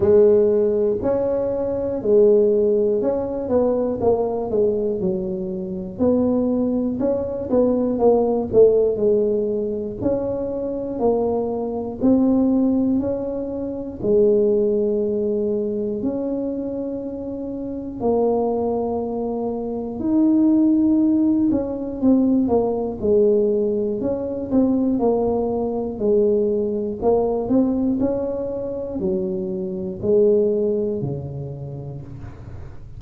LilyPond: \new Staff \with { instrumentName = "tuba" } { \time 4/4 \tempo 4 = 60 gis4 cis'4 gis4 cis'8 b8 | ais8 gis8 fis4 b4 cis'8 b8 | ais8 a8 gis4 cis'4 ais4 | c'4 cis'4 gis2 |
cis'2 ais2 | dis'4. cis'8 c'8 ais8 gis4 | cis'8 c'8 ais4 gis4 ais8 c'8 | cis'4 fis4 gis4 cis4 | }